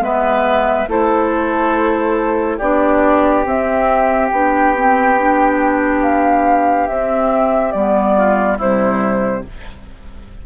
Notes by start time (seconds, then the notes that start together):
0.00 G#3 B3 B4 E5
0.88 A3 E4 A4 C5
2.57 B3 D4 G4 D5
3.44 C4 E5
4.27 B3 D4 G5
4.75 C4
5.18 D4
6.01 F5
6.87 C4 E5
7.71 G3 B3 D5
8.17 F4
8.57 C3 G3 E4 C5